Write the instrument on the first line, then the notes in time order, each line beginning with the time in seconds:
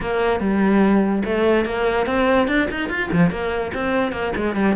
cello
0.00 A#3
0.40 G3
1.25 A3
1.65 A#3
2.06 C4
2.47 D4
2.70 D#4
2.89 F4
3.11 F3
3.30 A#3
3.74 C4
4.12 A#3
4.36 G#3
4.55 G3